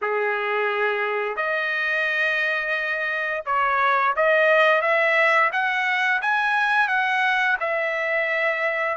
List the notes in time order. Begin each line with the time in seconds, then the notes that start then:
0.01 G#4
1.36 D#5
3.45 C#5
4.15 D#5
4.81 E5
5.52 F#5
6.21 G#5
6.88 F#5
7.60 E5